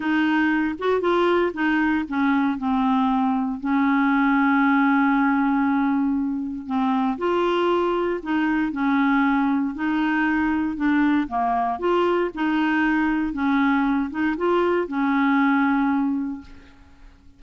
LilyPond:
\new Staff \with { instrumentName = "clarinet" } { \time 4/4 \tempo 4 = 117 dis'4. fis'8 f'4 dis'4 | cis'4 c'2 cis'4~ | cis'1~ | cis'4 c'4 f'2 |
dis'4 cis'2 dis'4~ | dis'4 d'4 ais4 f'4 | dis'2 cis'4. dis'8 | f'4 cis'2. | }